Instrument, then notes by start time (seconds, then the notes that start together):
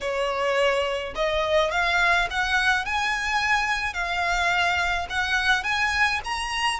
violin
0.00 C#5
1.15 D#5
1.71 F5
2.30 F#5
2.85 G#5
3.93 F5
5.09 F#5
5.63 G#5
6.24 A#5